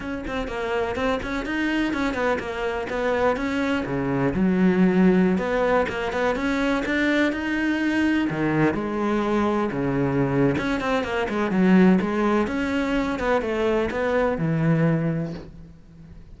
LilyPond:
\new Staff \with { instrumentName = "cello" } { \time 4/4 \tempo 4 = 125 cis'8 c'8 ais4 c'8 cis'8 dis'4 | cis'8 b8 ais4 b4 cis'4 | cis4 fis2~ fis16 b8.~ | b16 ais8 b8 cis'4 d'4 dis'8.~ |
dis'4~ dis'16 dis4 gis4.~ gis16~ | gis16 cis4.~ cis16 cis'8 c'8 ais8 gis8 | fis4 gis4 cis'4. b8 | a4 b4 e2 | }